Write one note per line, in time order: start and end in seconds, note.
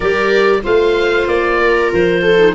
0.00 0.62 G3
0.00 0.62 G4
0.00 0.61 A#4
0.00 0.62 D5
0.62 1.27 A3
0.62 2.38 F4
0.62 1.59 C5
0.62 1.28 F5
1.27 1.91 A#3
1.27 1.92 D5
1.60 2.21 A#4
1.92 2.55 F3
1.92 2.55 C5
2.21 2.53 A4
2.38 2.54 D#4